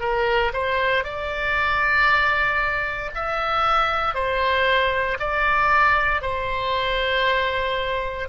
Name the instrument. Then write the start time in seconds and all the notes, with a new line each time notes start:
oboe
0.00 A#4
0.53 C5
1.04 D5
3.15 E5
4.14 C5
5.20 D5
6.21 C5